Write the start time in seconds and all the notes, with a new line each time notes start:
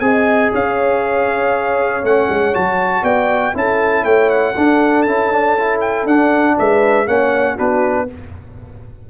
0.00 C4 G#4 D#5 G#5
0.52 C#4 C#5 F5
2.04 A3 C#4 F#5
2.30 G#3
2.54 F#3 F#4 A5
3.02 B3 D5 G5
3.54 C#4 E4 A4 A5
4.04 A3 C#5 G5
4.30 F#5
4.53 D4 A4
5.03 C#4 E4 A5
5.33 D4
5.58 E4
5.81 G5
6.06 D4 F#5
6.58 G#3 B4 E5
7.07 A#3 C#4 C#5 F#5
7.56 B3 D4 F#4 B4